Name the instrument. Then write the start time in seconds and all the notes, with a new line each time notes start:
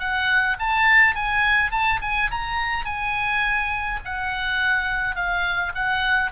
oboe
0.00 F#5
0.59 A5
1.15 G#5
1.71 A5
2.02 G#5
2.31 A#5
2.85 G#5
4.05 F#5
5.16 F5
5.75 F#5